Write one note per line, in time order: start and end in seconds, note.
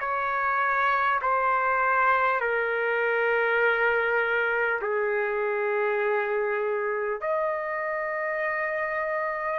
0.00 1.20 C#5
1.22 2.41 C5
2.41 4.81 A#4
4.82 7.21 G#4
7.21 9.59 D#5